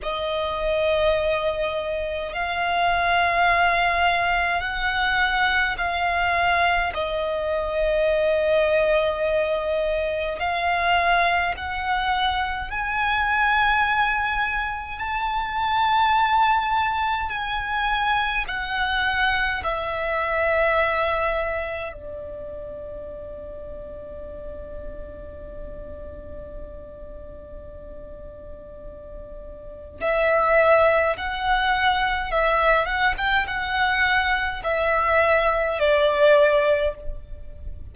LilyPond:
\new Staff \with { instrumentName = "violin" } { \time 4/4 \tempo 4 = 52 dis''2 f''2 | fis''4 f''4 dis''2~ | dis''4 f''4 fis''4 gis''4~ | gis''4 a''2 gis''4 |
fis''4 e''2 d''4~ | d''1~ | d''2 e''4 fis''4 | e''8 fis''16 g''16 fis''4 e''4 d''4 | }